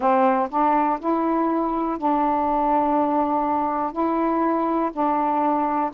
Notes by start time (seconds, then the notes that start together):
0.00 C4
0.50 D4
0.99 E4
1.98 D4
3.92 E4
4.92 D4